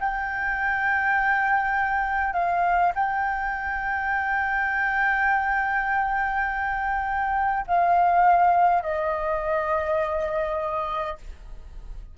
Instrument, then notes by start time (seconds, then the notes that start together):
flute
0.00 G5
2.34 F5
2.95 G5
7.67 F5
8.83 D#5